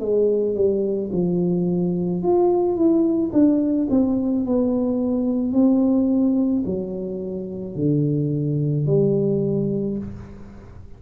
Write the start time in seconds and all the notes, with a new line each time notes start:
0.00 G#3
0.55 G3
1.13 F3
2.23 F4
2.75 E4
3.32 D4
3.90 C4
4.46 B3
5.53 C4
6.66 F#3
7.75 D3
8.86 G3